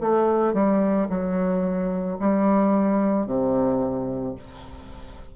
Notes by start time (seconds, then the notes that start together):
0.00 A3
0.54 G3
1.09 F#3
2.19 G3
3.26 C3